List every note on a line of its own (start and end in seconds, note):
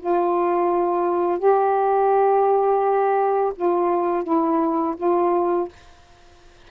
0.00 1.39 F4
1.39 3.53 G4
3.56 4.24 F4
4.24 4.95 E4
4.97 5.69 F4